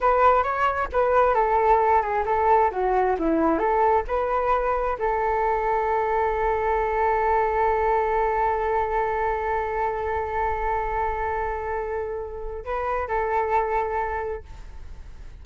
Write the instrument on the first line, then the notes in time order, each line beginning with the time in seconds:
flute
0.00 B4
0.43 C#5
0.92 B4
1.34 A4
2.02 G#4
2.25 A4
2.71 F#4
3.18 E4
3.58 A4
4.07 B4
4.98 A4
12.64 B4
13.07 A4